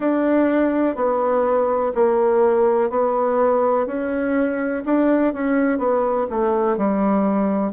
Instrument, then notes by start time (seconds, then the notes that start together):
bassoon
0.00 D4
0.95 B3
1.94 A#3
2.89 B3
3.86 C#4
4.85 D4
5.33 C#4
5.78 B3
6.29 A3
6.77 G3